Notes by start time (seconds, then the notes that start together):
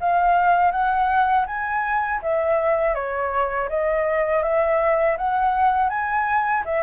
0.00 F5
0.71 F#5
1.46 G#5
2.22 E5
2.94 C#5
3.69 D#5
4.43 E5
5.18 F#5
5.89 G#5
6.65 E5